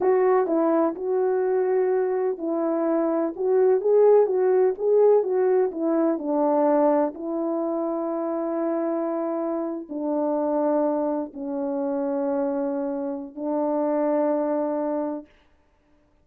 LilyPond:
\new Staff \with { instrumentName = "horn" } { \time 4/4 \tempo 4 = 126 fis'4 e'4 fis'2~ | fis'4 e'2 fis'4 | gis'4 fis'4 gis'4 fis'4 | e'4 d'2 e'4~ |
e'1~ | e'8. d'2. cis'16~ | cis'1 | d'1 | }